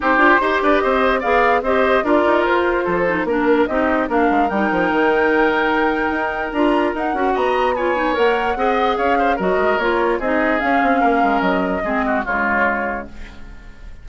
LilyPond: <<
  \new Staff \with { instrumentName = "flute" } { \time 4/4 \tempo 4 = 147 c''4. d''8 dis''4 f''4 | dis''4 d''4 c''2 | ais'4 dis''4 f''4 g''4~ | g''1 |
ais''4 fis''4 ais''4 gis''4 | fis''2 f''4 dis''4 | cis''4 dis''4 f''2 | dis''2 cis''2 | }
  \new Staff \with { instrumentName = "oboe" } { \time 4/4 g'4 c''8 b'8 c''4 d''4 | c''4 ais'2 a'4 | ais'4 g'4 ais'2~ | ais'1~ |
ais'2 dis''4 cis''4~ | cis''4 dis''4 cis''8 c''8 ais'4~ | ais'4 gis'2 ais'4~ | ais'4 gis'8 fis'8 f'2 | }
  \new Staff \with { instrumentName = "clarinet" } { \time 4/4 dis'8 f'8 g'2 gis'4 | g'4 f'2~ f'8 dis'8 | d'4 dis'4 d'4 dis'4~ | dis'1 |
f'4 dis'8 fis'4. f'8 dis'8 | ais'4 gis'2 fis'4 | f'4 dis'4 cis'2~ | cis'4 c'4 gis2 | }
  \new Staff \with { instrumentName = "bassoon" } { \time 4/4 c'8 d'8 dis'8 d'8 c'4 b4 | c'4 d'8 dis'8 f'4 f4 | ais4 c'4 ais8 gis8 g8 f8 | dis2. dis'4 |
d'4 dis'8 cis'8 b2 | ais4 c'4 cis'4 fis8 gis8 | ais4 c'4 cis'8 c'8 ais8 gis8 | fis4 gis4 cis2 | }
>>